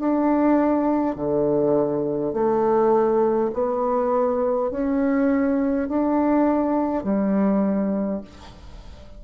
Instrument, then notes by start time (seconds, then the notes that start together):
bassoon
0.00 D4
1.16 D3
2.34 A3
3.53 B3
4.71 C#4
5.89 D4
7.04 G3